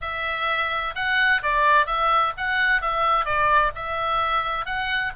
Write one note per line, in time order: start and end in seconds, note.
0.01 0.94 E5
0.95 1.41 F#5
1.42 1.86 D5
1.86 2.33 E5
2.37 2.81 F#5
2.81 3.25 E5
3.25 3.71 D5
3.75 4.65 E5
4.65 5.12 F#5